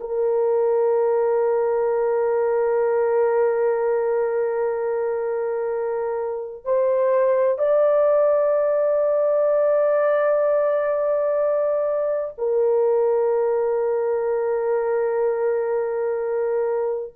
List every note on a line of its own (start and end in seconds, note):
0.00 6.65 A#4
6.65 7.58 C5
7.58 12.34 D5
12.38 17.14 A#4